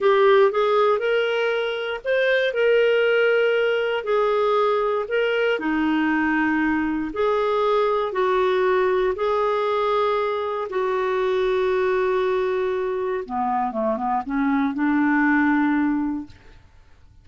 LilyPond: \new Staff \with { instrumentName = "clarinet" } { \time 4/4 \tempo 4 = 118 g'4 gis'4 ais'2 | c''4 ais'2. | gis'2 ais'4 dis'4~ | dis'2 gis'2 |
fis'2 gis'2~ | gis'4 fis'2.~ | fis'2 b4 a8 b8 | cis'4 d'2. | }